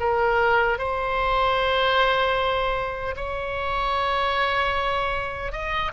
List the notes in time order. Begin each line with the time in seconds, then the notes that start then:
0.00 A#4
0.78 C5
3.17 C#5
5.53 D#5